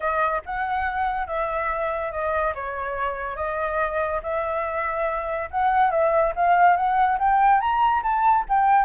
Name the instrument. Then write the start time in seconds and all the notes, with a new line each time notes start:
flute
0.00 D#5
0.45 F#5
1.27 E5
2.11 D#5
2.54 C#5
3.36 D#5
4.22 E5
5.50 F#5
5.91 E5
6.35 F5
6.76 F#5
7.18 G5
7.60 A#5
8.02 A5
8.48 G5